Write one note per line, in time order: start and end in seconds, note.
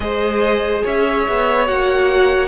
0.00 0.83 G#3
0.00 1.66 G#4
0.00 0.84 C5
0.00 0.83 D#5
0.84 1.27 C#4
0.84 2.47 C#5
0.84 1.67 E5
1.28 1.68 B3
1.66 2.47 A#3
1.66 2.47 F#4
1.66 2.47 F#5